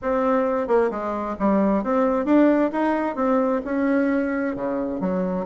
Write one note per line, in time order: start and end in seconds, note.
0.02 0.67 C4
0.67 0.90 A#3
0.90 1.36 G#3
1.39 1.83 G3
1.83 2.25 C4
2.25 2.70 D4
2.72 3.15 D#4
3.15 3.61 C4
3.64 4.55 C#4
4.55 5.00 C#3
5.00 5.45 F#3